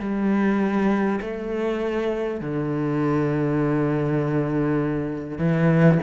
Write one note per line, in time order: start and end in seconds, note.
0.00 1.20 G3
1.21 2.41 A3
2.41 5.38 D3
5.38 5.98 E3